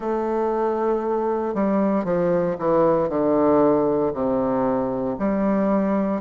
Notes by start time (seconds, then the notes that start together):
0.00 A3
1.54 G3
2.04 F3
2.59 E3
3.08 D3
4.13 C3
5.19 G3